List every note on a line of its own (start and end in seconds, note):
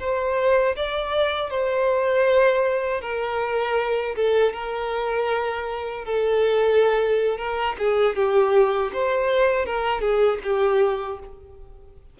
0.00 0.76 C5
0.77 1.51 D5
1.51 3.02 C5
3.02 4.16 A#4
4.16 4.54 A4
4.54 6.05 A#4
6.05 7.38 A4
7.38 7.76 A#4
7.79 8.16 G#4
8.16 8.92 G4
8.93 9.66 C5
9.66 10.01 A#4
10.01 10.39 G#4
10.44 11.20 G4